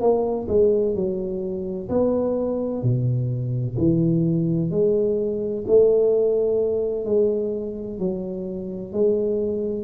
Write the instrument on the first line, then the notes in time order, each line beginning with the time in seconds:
tuba
0.00 A#3
0.48 G#3
0.95 F#3
1.89 B3
2.82 B2
3.78 E3
4.70 G#3
5.67 A3
7.05 G#3
7.99 F#3
8.92 G#3